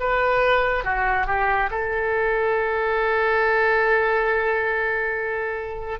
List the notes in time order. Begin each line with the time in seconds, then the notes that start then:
0.00 B4
0.85 F#4
1.27 G4
1.71 A4